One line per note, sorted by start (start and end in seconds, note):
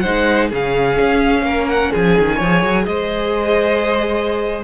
0.00 0.51 D#4
0.00 0.49 C5
0.00 0.47 F#5
0.06 0.52 G#3
0.49 0.99 C#3
0.49 2.42 C#4
0.49 1.44 G#4
0.49 1.69 F5
1.00 1.42 C#4
1.42 1.89 A#3
1.42 1.92 A#4
1.69 1.92 F#5
1.92 2.19 F3
1.92 2.36 G#4
1.92 2.86 G#5
2.19 2.40 D#3
2.36 2.63 F3
2.36 2.84 C#5
2.43 4.64 G#4
2.63 2.86 F#3
2.86 4.64 G#3
2.86 4.64 C5
2.86 4.63 D#5